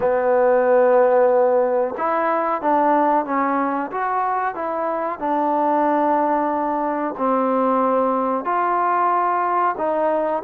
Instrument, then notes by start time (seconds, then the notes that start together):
trombone
0.00 B3
1.97 E4
2.61 D4
3.25 C#4
3.91 F#4
4.54 E4
5.18 D4
7.17 C4
8.45 F4
9.77 D#4